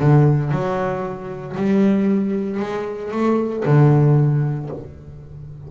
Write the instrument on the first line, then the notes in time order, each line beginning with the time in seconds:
double bass
0.00 D3
0.52 F#3
1.57 G3
2.60 G#3
3.12 A3
3.66 D3